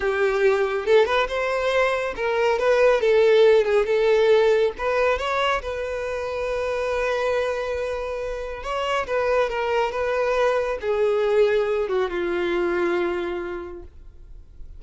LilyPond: \new Staff \with { instrumentName = "violin" } { \time 4/4 \tempo 4 = 139 g'2 a'8 b'8 c''4~ | c''4 ais'4 b'4 a'4~ | a'8 gis'8 a'2 b'4 | cis''4 b'2.~ |
b'1 | cis''4 b'4 ais'4 b'4~ | b'4 gis'2~ gis'8 fis'8 | f'1 | }